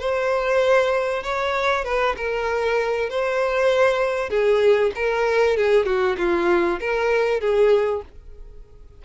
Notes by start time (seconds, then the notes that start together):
0.00 C5
1.24 C#5
1.85 B4
2.17 A#4
3.10 C5
4.30 G#4
4.95 A#4
5.57 G#4
5.86 F#4
6.18 F4
6.80 A#4
7.41 G#4